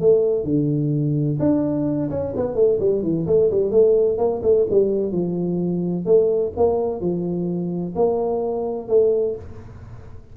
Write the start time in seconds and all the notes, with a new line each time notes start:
0.00 A3
0.44 D3
1.39 D4
2.10 C#4
2.36 B3
2.55 A3
2.80 G3
3.02 E3
3.26 A3
3.50 G3
3.71 A3
4.18 A#3
4.43 A3
4.70 G3
5.12 F3
6.05 A3
6.56 A#3
7.00 F3
7.95 A#3
8.88 A3